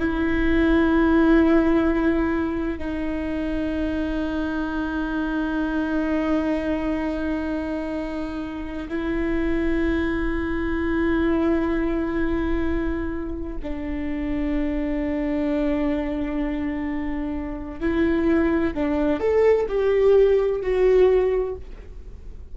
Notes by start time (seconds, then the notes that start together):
0.00 E4
2.79 D#4
8.89 E4
13.63 D4
17.80 E4
18.75 D4
19.20 A4
19.69 G4
20.62 F#4